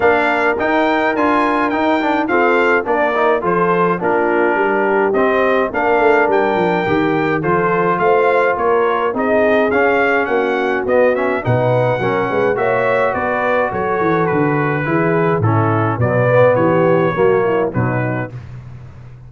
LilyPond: <<
  \new Staff \with { instrumentName = "trumpet" } { \time 4/4 \tempo 4 = 105 f''4 g''4 gis''4 g''4 | f''4 d''4 c''4 ais'4~ | ais'4 dis''4 f''4 g''4~ | g''4 c''4 f''4 cis''4 |
dis''4 f''4 fis''4 dis''8 e''8 | fis''2 e''4 d''4 | cis''4 b'2 a'4 | d''4 cis''2 b'4 | }
  \new Staff \with { instrumentName = "horn" } { \time 4/4 ais'1 | a'4 ais'4 a'4 f'4 | g'2 ais'2~ | ais'4 a'4 c''4 ais'4 |
gis'2 fis'2 | b'4 ais'8 b'8 cis''4 b'4 | a'2 gis'4 e'4 | b'4 g'4 fis'8 e'8 dis'4 | }
  \new Staff \with { instrumentName = "trombone" } { \time 4/4 d'4 dis'4 f'4 dis'8 d'8 | c'4 d'8 dis'8 f'4 d'4~ | d'4 c'4 d'2 | g'4 f'2. |
dis'4 cis'2 b8 cis'8 | dis'4 cis'4 fis'2~ | fis'2 e'4 cis'4 | fis8 b4. ais4 fis4 | }
  \new Staff \with { instrumentName = "tuba" } { \time 4/4 ais4 dis'4 d'4 dis'4 | f'4 ais4 f4 ais4 | g4 c'4 ais8 a8 g8 f8 | dis4 f4 a4 ais4 |
c'4 cis'4 ais4 b4 | b,4 fis8 gis8 ais4 b4 | fis8 e8 d4 e4 a,4 | b,4 e4 fis4 b,4 | }
>>